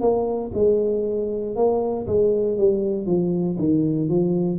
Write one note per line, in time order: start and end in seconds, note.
0.00 0.51 A#3
0.54 1.55 G#3
1.55 2.06 A#3
2.07 2.57 G#3
2.57 3.06 G3
3.06 3.57 F3
3.58 4.09 D#3
4.09 4.58 F3